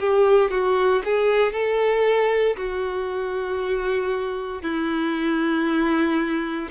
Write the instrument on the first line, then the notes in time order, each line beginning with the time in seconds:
violin
0.00 G4
0.51 F#4
1.05 G#4
1.53 A4
2.57 F#4
4.62 E4